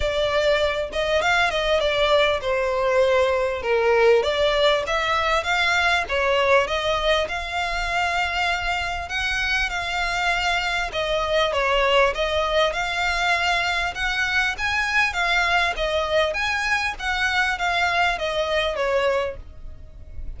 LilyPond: \new Staff \with { instrumentName = "violin" } { \time 4/4 \tempo 4 = 99 d''4. dis''8 f''8 dis''8 d''4 | c''2 ais'4 d''4 | e''4 f''4 cis''4 dis''4 | f''2. fis''4 |
f''2 dis''4 cis''4 | dis''4 f''2 fis''4 | gis''4 f''4 dis''4 gis''4 | fis''4 f''4 dis''4 cis''4 | }